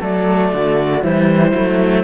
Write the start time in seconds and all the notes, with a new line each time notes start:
0.00 F#3 A3 A4 D5
0.53 D3 F#4
1.02 E3 G3 E4 C5
1.53 F#3 A3